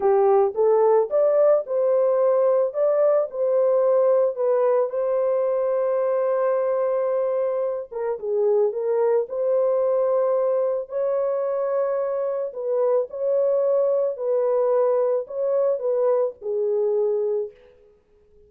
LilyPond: \new Staff \with { instrumentName = "horn" } { \time 4/4 \tempo 4 = 110 g'4 a'4 d''4 c''4~ | c''4 d''4 c''2 | b'4 c''2.~ | c''2~ c''8 ais'8 gis'4 |
ais'4 c''2. | cis''2. b'4 | cis''2 b'2 | cis''4 b'4 gis'2 | }